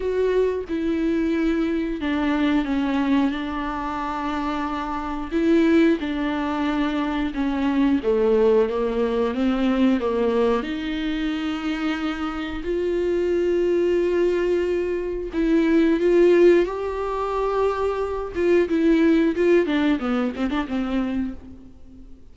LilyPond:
\new Staff \with { instrumentName = "viola" } { \time 4/4 \tempo 4 = 90 fis'4 e'2 d'4 | cis'4 d'2. | e'4 d'2 cis'4 | a4 ais4 c'4 ais4 |
dis'2. f'4~ | f'2. e'4 | f'4 g'2~ g'8 f'8 | e'4 f'8 d'8 b8 c'16 d'16 c'4 | }